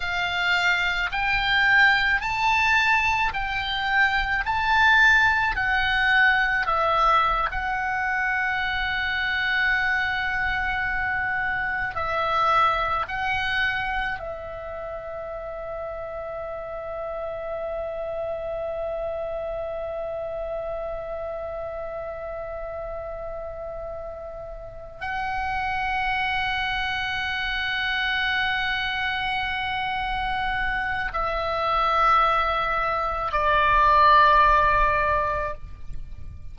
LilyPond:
\new Staff \with { instrumentName = "oboe" } { \time 4/4 \tempo 4 = 54 f''4 g''4 a''4 g''4 | a''4 fis''4 e''8. fis''4~ fis''16~ | fis''2~ fis''8. e''4 fis''16~ | fis''8. e''2.~ e''16~ |
e''1~ | e''2~ e''8 fis''4.~ | fis''1 | e''2 d''2 | }